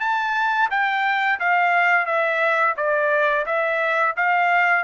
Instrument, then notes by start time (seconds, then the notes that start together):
trumpet
0.00 A5
0.70 G5
1.39 F5
2.06 E5
2.77 D5
3.46 E5
4.16 F5